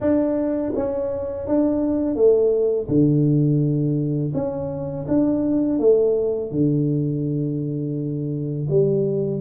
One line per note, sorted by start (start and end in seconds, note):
0.00 0.73 D4
0.75 1.47 C#4
1.47 2.15 D4
2.15 2.87 A3
2.88 4.32 D3
4.33 5.06 C#4
5.08 5.79 D4
5.79 6.51 A3
6.51 8.67 D3
8.69 9.40 G3